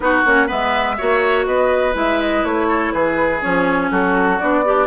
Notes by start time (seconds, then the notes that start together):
0.00 B3 D#4 F#4 B4
0.25 A#3 C#4 C#5
0.47 G#3 B3 B4 E5
0.97 A#3 F#4 C#5
1.45 B3 B4 D#5
1.93 G#3 E4 E5
2.21 D#5
2.43 A3 C#5
2.68 A4
2.92 E3 G#4 B4
3.41 F3 C#4 C#5
3.90 F#3 F#4 A4
4.39 B3 D4 D5
4.64 D4 G4